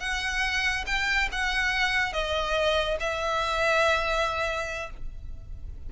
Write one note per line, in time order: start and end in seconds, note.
0.00 0.85 F#5
0.86 1.28 G5
1.32 2.13 F#5
2.13 2.97 D#5
3.00 4.90 E5